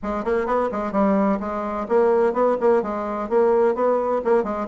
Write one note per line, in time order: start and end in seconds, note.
0.02 0.24 G#3
0.24 0.46 A#3
0.46 0.69 B3
0.71 0.91 G#3
0.91 1.38 G3
1.40 1.86 G#3
1.88 2.33 A#3
2.33 2.56 B3
2.60 2.82 A#3
2.82 3.29 G#3
3.29 3.74 A#3
3.74 4.21 B3
4.24 4.43 A#3
4.43 4.67 G#3